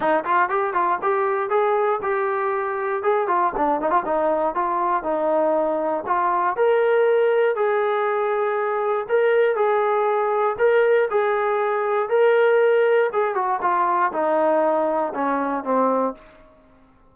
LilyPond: \new Staff \with { instrumentName = "trombone" } { \time 4/4 \tempo 4 = 119 dis'8 f'8 g'8 f'8 g'4 gis'4 | g'2 gis'8 f'8 d'8 dis'16 f'16 | dis'4 f'4 dis'2 | f'4 ais'2 gis'4~ |
gis'2 ais'4 gis'4~ | gis'4 ais'4 gis'2 | ais'2 gis'8 fis'8 f'4 | dis'2 cis'4 c'4 | }